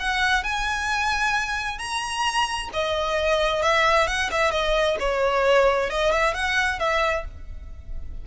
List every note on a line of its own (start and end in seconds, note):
0.00 0.44 F#5
0.44 1.79 G#5
1.79 2.69 A#5
2.73 3.63 D#5
3.63 4.08 E5
4.08 4.30 F#5
4.31 4.51 E5
4.51 4.97 D#5
5.00 5.90 C#5
5.90 6.12 D#5
6.12 6.34 E5
6.34 6.80 F#5
6.80 7.25 E5